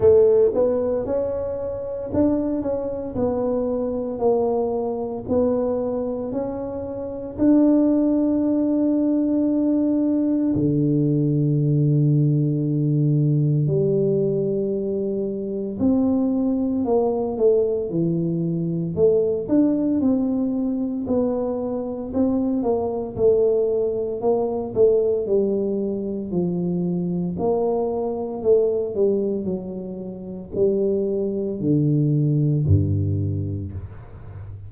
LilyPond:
\new Staff \with { instrumentName = "tuba" } { \time 4/4 \tempo 4 = 57 a8 b8 cis'4 d'8 cis'8 b4 | ais4 b4 cis'4 d'4~ | d'2 d2~ | d4 g2 c'4 |
ais8 a8 e4 a8 d'8 c'4 | b4 c'8 ais8 a4 ais8 a8 | g4 f4 ais4 a8 g8 | fis4 g4 d4 g,4 | }